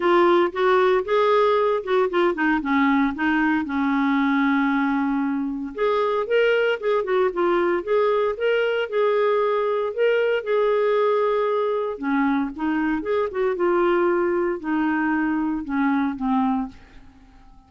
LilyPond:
\new Staff \with { instrumentName = "clarinet" } { \time 4/4 \tempo 4 = 115 f'4 fis'4 gis'4. fis'8 | f'8 dis'8 cis'4 dis'4 cis'4~ | cis'2. gis'4 | ais'4 gis'8 fis'8 f'4 gis'4 |
ais'4 gis'2 ais'4 | gis'2. cis'4 | dis'4 gis'8 fis'8 f'2 | dis'2 cis'4 c'4 | }